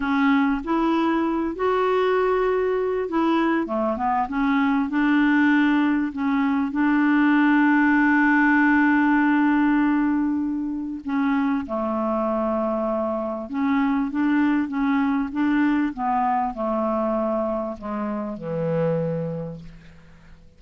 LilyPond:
\new Staff \with { instrumentName = "clarinet" } { \time 4/4 \tempo 4 = 98 cis'4 e'4. fis'4.~ | fis'4 e'4 a8 b8 cis'4 | d'2 cis'4 d'4~ | d'1~ |
d'2 cis'4 a4~ | a2 cis'4 d'4 | cis'4 d'4 b4 a4~ | a4 gis4 e2 | }